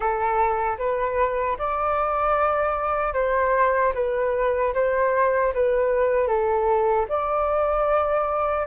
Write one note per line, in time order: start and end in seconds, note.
0.00 0.77 A4
0.78 1.57 B4
1.58 3.13 D5
3.13 3.92 C5
3.94 4.73 B4
4.74 5.53 C5
5.53 6.27 B4
6.27 7.06 A4
7.08 8.66 D5